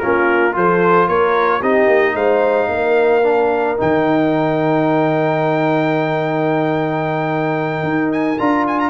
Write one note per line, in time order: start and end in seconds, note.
0.00 0.56 A#3
0.00 0.53 C#4
0.00 0.56 F4
0.00 0.54 A#4
0.53 1.09 F3
0.53 1.61 F4
0.53 1.09 A4
0.53 1.08 C5
1.08 1.62 A#3
1.08 1.60 A#4
1.08 1.62 C#5
1.60 1.88 C4
1.60 3.23 D#4
1.60 2.14 G4
1.60 2.16 D#5
1.88 2.15 A#3
2.15 2.69 G#3
2.15 2.69 C5
2.15 3.78 F5
2.69 3.77 A#3
2.69 8.90 A#4
3.23 3.77 D4
3.77 7.84 D#3
3.77 8.37 D#4
3.77 8.12 G5
7.84 8.38 D#4
8.12 8.39 G#5
8.39 8.90 D4
8.39 8.90 F4
8.39 8.66 A#5
8.67 8.79 G#5
8.79 8.90 A#5